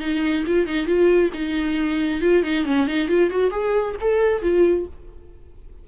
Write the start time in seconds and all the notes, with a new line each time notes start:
0.00 D#4
0.47 F4
0.67 D#4
0.87 F4
1.34 D#4
2.21 F4
2.43 D#4
2.65 C#4
2.87 D#4
3.08 F4
3.30 F#4
3.51 G#4
4.01 A4
4.42 F4